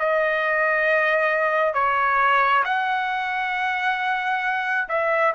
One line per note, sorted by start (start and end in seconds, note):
0.00 1.74 D#5
1.74 2.64 C#5
2.65 4.89 F#5
4.89 5.34 E5